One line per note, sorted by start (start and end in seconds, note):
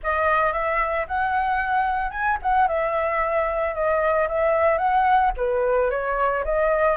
0.03 0.53 D#5
0.53 1.06 E5
1.07 2.10 F#5
2.10 2.37 G#5
2.42 2.67 F#5
2.67 3.74 E5
3.74 4.27 D#5
4.28 4.78 E5
4.78 5.31 F#5
5.36 5.90 B4
5.90 6.44 C#5
6.44 6.96 D#5